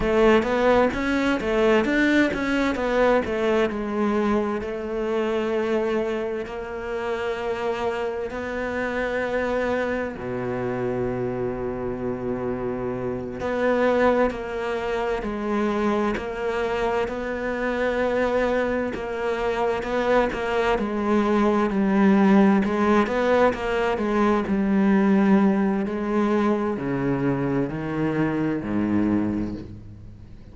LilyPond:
\new Staff \with { instrumentName = "cello" } { \time 4/4 \tempo 4 = 65 a8 b8 cis'8 a8 d'8 cis'8 b8 a8 | gis4 a2 ais4~ | ais4 b2 b,4~ | b,2~ b,8 b4 ais8~ |
ais8 gis4 ais4 b4.~ | b8 ais4 b8 ais8 gis4 g8~ | g8 gis8 b8 ais8 gis8 g4. | gis4 cis4 dis4 gis,4 | }